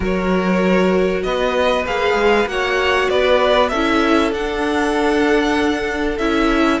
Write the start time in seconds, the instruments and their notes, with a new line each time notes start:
0.00 cello F#3, viola F#4, violin A#4 C#5
1.23 cello B3, violin B4 D#5
1.85 cello A#3, viola G#4, violin F5
2.14 cello G#3
2.46 cello A#3, viola F#4, violin C#5 F#5
3.09 cello B3, violin B4 D5
3.69 cello C#4, viola E4, violin A4 E5
4.31 cello D4, viola D4, violin F#5
6.18 cello C#4, viola E4, violin E5